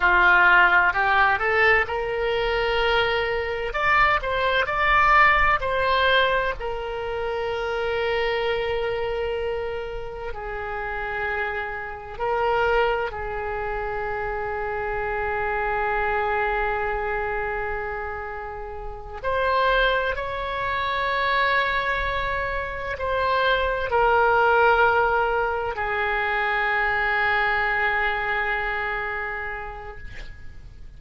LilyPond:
\new Staff \with { instrumentName = "oboe" } { \time 4/4 \tempo 4 = 64 f'4 g'8 a'8 ais'2 | d''8 c''8 d''4 c''4 ais'4~ | ais'2. gis'4~ | gis'4 ais'4 gis'2~ |
gis'1~ | gis'8 c''4 cis''2~ cis''8~ | cis''8 c''4 ais'2 gis'8~ | gis'1 | }